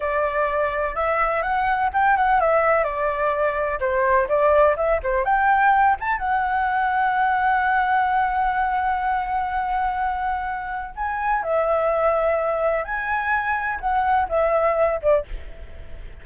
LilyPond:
\new Staff \with { instrumentName = "flute" } { \time 4/4 \tempo 4 = 126 d''2 e''4 fis''4 | g''8 fis''8 e''4 d''2 | c''4 d''4 e''8 c''8 g''4~ | g''8 a''8 fis''2.~ |
fis''1~ | fis''2. gis''4 | e''2. gis''4~ | gis''4 fis''4 e''4. d''8 | }